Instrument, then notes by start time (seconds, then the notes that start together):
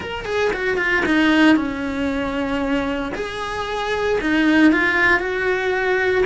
cello
0.00 A#4
0.25 G#4
0.53 F#4
0.77 F4
1.05 D#4
1.56 C#4
3.14 G#4
4.20 D#4
4.72 F4
5.19 F#4